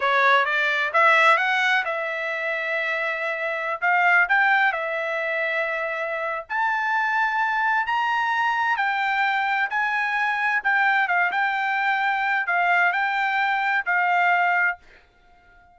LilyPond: \new Staff \with { instrumentName = "trumpet" } { \time 4/4 \tempo 4 = 130 cis''4 d''4 e''4 fis''4 | e''1~ | e''16 f''4 g''4 e''4.~ e''16~ | e''2 a''2~ |
a''4 ais''2 g''4~ | g''4 gis''2 g''4 | f''8 g''2~ g''8 f''4 | g''2 f''2 | }